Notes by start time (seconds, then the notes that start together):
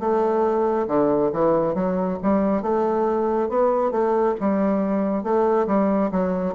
0.00 A3
0.88 D3
1.33 E3
1.75 F#3
2.23 G3
2.62 A3
3.49 B3
3.92 A3
4.40 G3
5.23 A3
5.67 G3
6.11 F#3